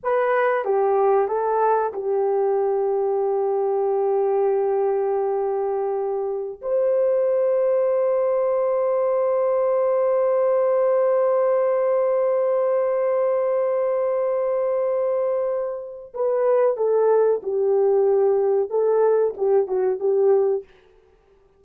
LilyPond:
\new Staff \with { instrumentName = "horn" } { \time 4/4 \tempo 4 = 93 b'4 g'4 a'4 g'4~ | g'1~ | g'2~ g'16 c''4.~ c''16~ | c''1~ |
c''1~ | c''1~ | c''4 b'4 a'4 g'4~ | g'4 a'4 g'8 fis'8 g'4 | }